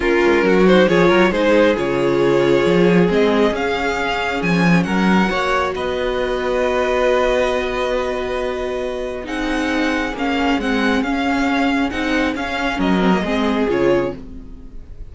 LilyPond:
<<
  \new Staff \with { instrumentName = "violin" } { \time 4/4 \tempo 4 = 136 ais'4. c''8 cis''4 c''4 | cis''2. dis''4 | f''2 gis''4 fis''4~ | fis''4 dis''2.~ |
dis''1~ | dis''4 fis''2 f''4 | fis''4 f''2 fis''4 | f''4 dis''2 cis''4 | }
  \new Staff \with { instrumentName = "violin" } { \time 4/4 f'4 fis'4 gis'8 ais'8 gis'4~ | gis'1~ | gis'2. ais'4 | cis''4 b'2.~ |
b'1~ | b'4 gis'2.~ | gis'1~ | gis'4 ais'4 gis'2 | }
  \new Staff \with { instrumentName = "viola" } { \time 4/4 cis'4. dis'8 f'4 dis'4 | f'2. c'4 | cis'1 | fis'1~ |
fis'1~ | fis'4 dis'2 cis'4 | c'4 cis'2 dis'4 | cis'4. c'16 ais16 c'4 f'4 | }
  \new Staff \with { instrumentName = "cello" } { \time 4/4 ais8 gis8 fis4 f8 fis8 gis4 | cis2 f4 gis4 | cis'2 f4 fis4 | ais4 b2.~ |
b1~ | b4 c'2 ais4 | gis4 cis'2 c'4 | cis'4 fis4 gis4 cis4 | }
>>